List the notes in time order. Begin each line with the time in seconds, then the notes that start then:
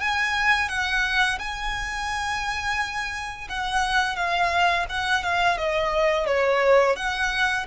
0.00 G#5
0.69 F#5
1.39 G#5
3.49 F#5
4.16 F5
4.89 F#5
5.23 F5
5.58 D#5
6.26 C#5
6.96 F#5